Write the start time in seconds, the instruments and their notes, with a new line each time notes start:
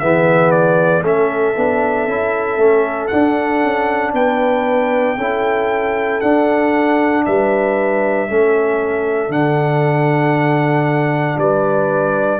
0.00 tuba E3, trombone B3, horn G#4, trumpet E5
0.51 trumpet D5
1.03 tuba A3, trombone C#4, horn A4, trumpet E5
1.57 tuba B3, trombone D4
2.08 tuba C#4, trombone E4
2.58 tuba A3, trombone C#4
3.08 trombone D4, tuba D4, trumpet F#5
3.64 tuba C#4
4.14 tuba B3, horn B4, trumpet G5
5.18 tuba C#4, trombone E4, horn A4
6.21 tuba D4, trombone D4, trumpet F#5
7.26 tuba G3, horn B4, trumpet E5
8.29 tuba A3, trombone C#4, horn A4
9.29 tuba D3, trombone D4, trumpet F#5
11.37 tuba G3, horn B4, trumpet D5